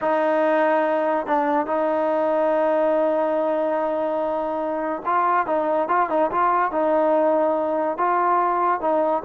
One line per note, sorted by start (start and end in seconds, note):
0.01 1.26 D#4
1.26 1.66 D4
1.66 5.02 D#4
5.05 5.46 F4
5.46 5.88 D#4
5.88 6.09 F4
6.09 6.30 D#4
6.31 6.71 F4
6.71 7.97 D#4
7.97 8.80 F4
8.80 9.22 D#4